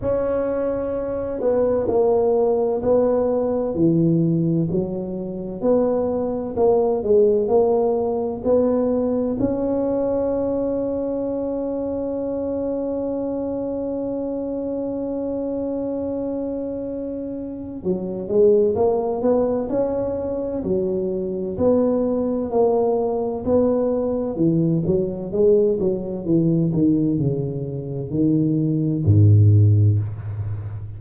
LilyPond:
\new Staff \with { instrumentName = "tuba" } { \time 4/4 \tempo 4 = 64 cis'4. b8 ais4 b4 | e4 fis4 b4 ais8 gis8 | ais4 b4 cis'2~ | cis'1~ |
cis'2. fis8 gis8 | ais8 b8 cis'4 fis4 b4 | ais4 b4 e8 fis8 gis8 fis8 | e8 dis8 cis4 dis4 gis,4 | }